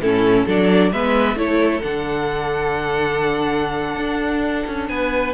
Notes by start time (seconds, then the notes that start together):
0.00 A2 C#4 E4 A4
0.46 F#3 D4 A4 D5
0.92 G#3 B3 B4 E5
1.35 A3 E4 A4 C#5
1.82 D3 D4 F#5
3.97 D4
4.67 C#4
4.88 B3 B4 G#5